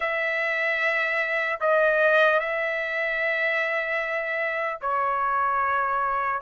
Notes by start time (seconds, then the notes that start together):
0.00 E5
1.60 D#5
2.39 E5
4.81 C#5